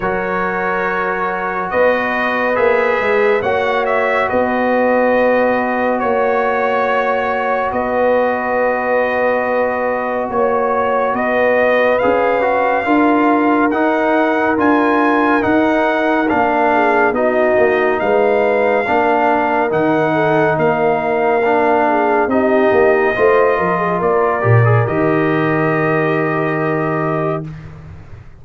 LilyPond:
<<
  \new Staff \with { instrumentName = "trumpet" } { \time 4/4 \tempo 4 = 70 cis''2 dis''4 e''4 | fis''8 e''8 dis''2 cis''4~ | cis''4 dis''2. | cis''4 dis''4 f''2 |
fis''4 gis''4 fis''4 f''4 | dis''4 f''2 fis''4 | f''2 dis''2 | d''4 dis''2. | }
  \new Staff \with { instrumentName = "horn" } { \time 4/4 ais'2 b'2 | cis''4 b'2 cis''4~ | cis''4 b'2. | cis''4 b'2 ais'4~ |
ais'2.~ ais'8 gis'8 | fis'4 b'4 ais'4. a'8 | ais'4. gis'8 g'4 c''8 ais'16 gis'16 | ais'1 | }
  \new Staff \with { instrumentName = "trombone" } { \time 4/4 fis'2. gis'4 | fis'1~ | fis'1~ | fis'2 gis'8 fis'8 f'4 |
dis'4 f'4 dis'4 d'4 | dis'2 d'4 dis'4~ | dis'4 d'4 dis'4 f'4~ | f'8 g'16 gis'16 g'2. | }
  \new Staff \with { instrumentName = "tuba" } { \time 4/4 fis2 b4 ais8 gis8 | ais4 b2 ais4~ | ais4 b2. | ais4 b4 cis'4 d'4 |
dis'4 d'4 dis'4 ais4 | b8 ais8 gis4 ais4 dis4 | ais2 c'8 ais8 a8 f8 | ais8 ais,8 dis2. | }
>>